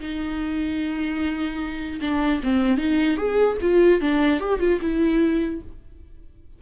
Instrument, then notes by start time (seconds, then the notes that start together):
viola
0.00 D#4
2.01 D4
2.43 C4
2.78 D#4
3.17 G#4
3.61 F4
4.01 D4
4.40 G4
4.60 F4
4.81 E4